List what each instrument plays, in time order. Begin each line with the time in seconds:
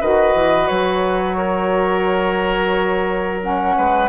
0.00 bassoon D#3, saxophone F#4, oboe B4, flute D#5
0.34 bassoon E3
0.67 bassoon F#3, flute C#5
1.37 oboe A#4
3.40 saxophone C#4, flute F#5
3.77 bassoon G#3, oboe B4